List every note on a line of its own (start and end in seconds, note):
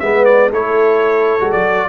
0.00 0.52 G#3
0.00 0.52 B3
0.00 0.50 B4
0.00 0.25 E5
0.25 0.50 D5
0.50 1.40 A3
0.50 1.40 E4
0.50 1.89 A4
0.50 1.52 C#5
1.40 1.54 G#3
1.40 1.90 F#4
1.52 1.90 F#3
1.52 1.90 D5